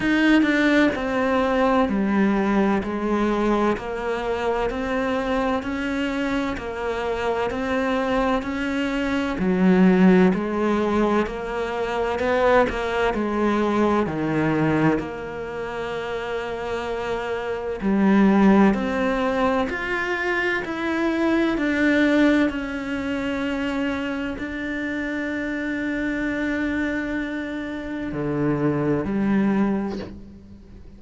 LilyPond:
\new Staff \with { instrumentName = "cello" } { \time 4/4 \tempo 4 = 64 dis'8 d'8 c'4 g4 gis4 | ais4 c'4 cis'4 ais4 | c'4 cis'4 fis4 gis4 | ais4 b8 ais8 gis4 dis4 |
ais2. g4 | c'4 f'4 e'4 d'4 | cis'2 d'2~ | d'2 d4 g4 | }